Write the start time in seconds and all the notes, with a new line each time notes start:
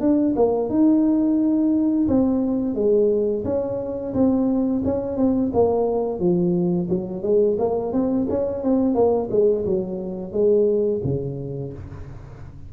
0.00 D4
0.36 A#3
0.69 D#4
2.08 C4
2.75 G#3
3.44 C#4
4.13 C4
4.85 C#4
5.17 C4
5.53 A#3
6.19 F3
6.89 F#3
7.22 G#3
7.58 A#3
7.92 C4
8.29 C#4
8.63 C4
8.94 A#3
9.30 G#3
9.65 F#3
10.32 G#3
11.04 C#3